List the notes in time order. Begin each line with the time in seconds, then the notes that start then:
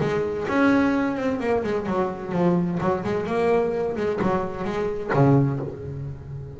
0.00 G#3
0.48 C#4
1.16 C4
1.40 A#3
1.63 G#3
1.86 F#3
2.32 F3
2.80 F#3
3.04 G#3
3.26 A#3
3.96 G#3
4.21 F#3
4.64 G#3
5.13 C#3